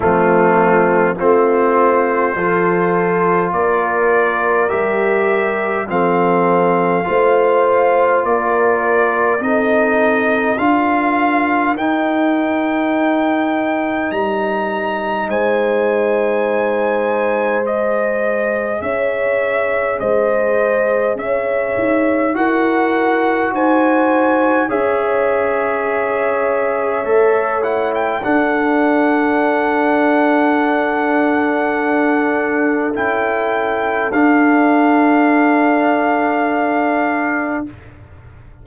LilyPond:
<<
  \new Staff \with { instrumentName = "trumpet" } { \time 4/4 \tempo 4 = 51 f'4 c''2 d''4 | e''4 f''2 d''4 | dis''4 f''4 g''2 | ais''4 gis''2 dis''4 |
e''4 dis''4 e''4 fis''4 | gis''4 e''2~ e''8 fis''16 g''16 | fis''1 | g''4 f''2. | }
  \new Staff \with { instrumentName = "horn" } { \time 4/4 c'4 f'4 a'4 ais'4~ | ais'4 a'4 c''4 ais'4 | a'4 ais'2.~ | ais'4 c''2. |
cis''4 c''4 cis''4 ais'4 | c''4 cis''2. | a'1~ | a'1 | }
  \new Staff \with { instrumentName = "trombone" } { \time 4/4 a4 c'4 f'2 | g'4 c'4 f'2 | dis'4 f'4 dis'2~ | dis'2. gis'4~ |
gis'2. fis'4~ | fis'4 gis'2 a'8 e'8 | d'1 | e'4 d'2. | }
  \new Staff \with { instrumentName = "tuba" } { \time 4/4 f4 a4 f4 ais4 | g4 f4 a4 ais4 | c'4 d'4 dis'2 | g4 gis2. |
cis'4 gis4 cis'8 dis'8 e'4 | dis'4 cis'2 a4 | d'1 | cis'4 d'2. | }
>>